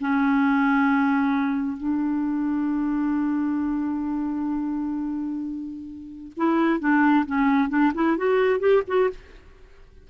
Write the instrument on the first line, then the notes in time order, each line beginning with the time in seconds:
clarinet
0.00 C#4
1.77 D4
6.36 E4
6.79 D4
7.26 C#4
7.69 D4
7.94 E4
8.17 F#4
8.59 G4
8.87 F#4